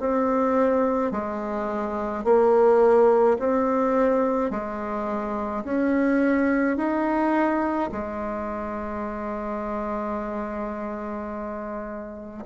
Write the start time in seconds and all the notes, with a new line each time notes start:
0.00 C4
1.12 G#3
2.24 A#3
3.39 C4
4.51 G#3
5.64 C#4
6.77 D#4
7.92 G#3